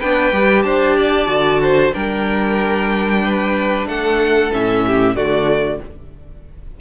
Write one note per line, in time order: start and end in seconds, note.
0.00 0.33 B3
0.00 0.33 D4
0.00 0.65 B4
0.00 0.63 G5
0.33 0.64 G3
0.33 1.27 G4
0.63 1.28 D4
0.63 0.97 C5
0.63 1.92 A5
0.97 1.62 D5
1.27 1.92 D3
1.27 1.92 F#4
1.62 1.94 C5
1.93 3.87 G3
1.93 4.51 D4
1.93 3.23 A#4
1.93 3.87 G5
3.24 3.89 B4
3.87 4.51 A3
3.87 4.86 A4
3.87 4.53 F#5
4.52 5.16 A2
4.52 5.16 C#4
4.52 5.16 E5
4.87 5.16 G4
5.16 5.81 D3
5.16 5.81 A3
5.16 5.81 F#4
5.16 5.81 D5